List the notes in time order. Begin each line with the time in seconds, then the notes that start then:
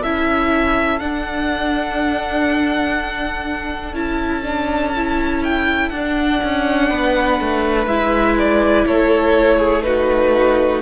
0.00 C#4 E4 A4 E5
0.99 D4 F#5
3.93 C#4 E4 A5
4.43 D4
4.96 E4
5.43 G5
5.89 D4 F#5
6.44 C#4
6.89 B3 B4
7.40 A3
7.86 G#3 E4 E5
8.38 D5
8.86 A3 A4 C#5
9.58 G#4
9.82 D#4 F#4 B4